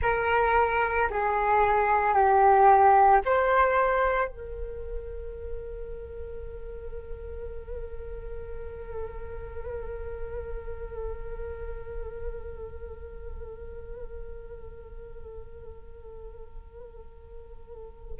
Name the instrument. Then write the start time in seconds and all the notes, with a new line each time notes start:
flute
0.02 A#4
1.10 G#4
2.14 G4
3.25 C5
4.28 A#4